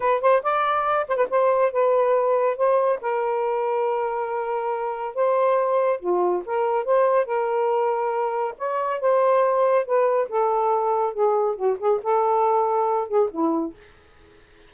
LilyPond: \new Staff \with { instrumentName = "saxophone" } { \time 4/4 \tempo 4 = 140 b'8 c''8 d''4. c''16 b'16 c''4 | b'2 c''4 ais'4~ | ais'1 | c''2 f'4 ais'4 |
c''4 ais'2. | cis''4 c''2 b'4 | a'2 gis'4 fis'8 gis'8 | a'2~ a'8 gis'8 e'4 | }